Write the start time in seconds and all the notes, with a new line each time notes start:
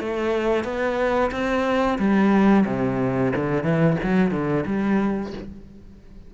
0.00 A3
0.64 B3
1.31 C4
1.98 G3
2.66 C3
3.36 D3
3.63 E3
4.03 F#3
4.31 D3
4.66 G3